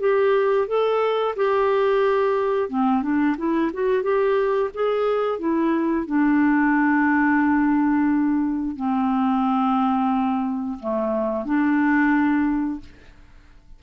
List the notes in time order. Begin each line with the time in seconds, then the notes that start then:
0.00 G4
0.67 A4
1.36 G4
2.69 C4
3.02 D4
3.37 E4
3.73 F#4
4.02 G4
4.74 G#4
5.39 E4
6.06 D4
8.76 C4
10.80 A3
11.45 D4